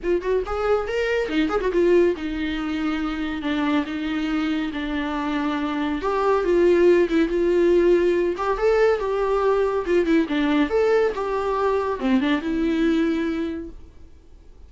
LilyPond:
\new Staff \with { instrumentName = "viola" } { \time 4/4 \tempo 4 = 140 f'8 fis'8 gis'4 ais'4 dis'8 gis'16 fis'16 | f'4 dis'2. | d'4 dis'2 d'4~ | d'2 g'4 f'4~ |
f'8 e'8 f'2~ f'8 g'8 | a'4 g'2 f'8 e'8 | d'4 a'4 g'2 | c'8 d'8 e'2. | }